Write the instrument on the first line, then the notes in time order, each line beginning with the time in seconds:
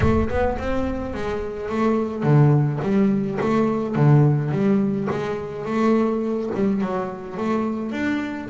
double bass
0.00 A3
0.29 B3
0.58 C4
1.14 G#3
1.69 A3
2.23 D3
2.81 G3
3.40 A3
3.95 D3
4.51 G3
5.10 G#3
5.65 A3
6.54 G3
6.81 F#3
7.37 A3
7.91 D4